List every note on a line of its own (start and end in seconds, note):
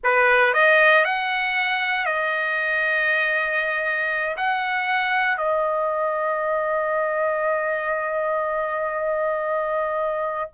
0.03 0.53 B4
0.53 1.04 D#5
1.05 2.05 F#5
2.05 4.36 D#5
4.37 5.37 F#5
5.37 10.50 D#5